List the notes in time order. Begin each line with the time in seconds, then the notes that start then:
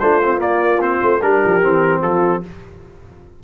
0.00 A3 D4 F4 C5
0.23 C4
0.38 A#3 D5
0.80 C4 C5
1.03 A3
1.22 G3 D4 G4 A#4
1.46 F3
1.62 E3 C4
2.01 F3 F4 A4